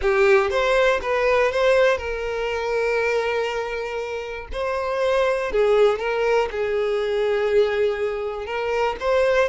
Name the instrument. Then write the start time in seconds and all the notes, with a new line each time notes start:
violin
0.01 G4
0.50 C5
1.02 B4
1.51 C5
1.97 A#4
4.52 C5
5.51 G#4
5.98 A#4
6.51 G#4
8.45 A#4
9.00 C5